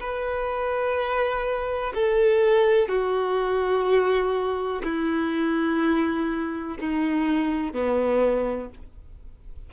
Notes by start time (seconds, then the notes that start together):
0.00 B4
1.95 A4
2.89 F#4
4.84 E4
6.80 D#4
7.73 B3